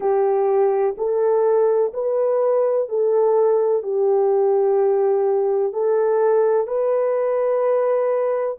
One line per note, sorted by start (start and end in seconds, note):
0.00 0.95 G4
0.97 1.92 A4
1.93 2.88 B4
2.88 3.83 A4
3.83 5.72 G4
5.72 6.67 A4
6.67 8.57 B4